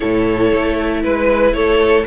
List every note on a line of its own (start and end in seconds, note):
0.00 0.52 A2
0.00 2.06 E4
0.00 1.03 A4
0.00 1.02 C#5
0.52 1.04 A3
1.03 1.53 G#3
1.03 1.53 B4
1.03 1.55 B4
1.53 2.04 A3
1.53 2.06 A4
1.53 2.05 C#5